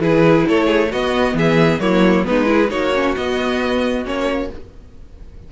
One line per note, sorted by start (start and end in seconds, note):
0.00 0.45 E3
0.00 0.90 E4
0.00 0.47 G#4
0.00 0.48 B4
0.48 0.93 A3
0.48 0.66 A4
0.48 0.92 C#5
0.66 0.89 G#4
0.91 1.34 B3
0.91 1.81 B3
0.91 1.36 F#4
0.91 1.37 D#5
1.34 1.79 E3
1.34 1.82 G#4
1.34 1.80 E5
1.80 2.25 F#3
1.80 2.24 A#3
1.80 2.27 E4
1.80 2.25 C#5
2.24 2.71 G#3
2.24 2.46 B3
2.24 2.51 D#4
2.24 2.71 B4
2.46 2.68 E4
2.53 2.72 G#4
2.70 3.16 A#3
2.70 2.92 D#4
2.70 4.51 F#4
2.70 3.15 C#5
2.95 3.17 C#4
3.17 4.05 B3
3.17 4.06 D#5
4.05 4.50 A#3
4.05 4.50 C#4
4.05 4.52 C#5